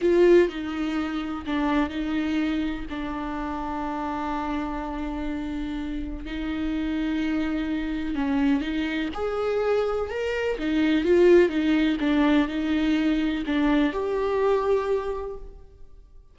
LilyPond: \new Staff \with { instrumentName = "viola" } { \time 4/4 \tempo 4 = 125 f'4 dis'2 d'4 | dis'2 d'2~ | d'1~ | d'4 dis'2.~ |
dis'4 cis'4 dis'4 gis'4~ | gis'4 ais'4 dis'4 f'4 | dis'4 d'4 dis'2 | d'4 g'2. | }